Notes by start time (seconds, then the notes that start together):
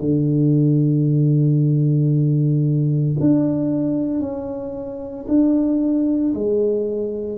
0.00 D3
3.20 D4
4.20 C#4
5.28 D4
6.34 G#3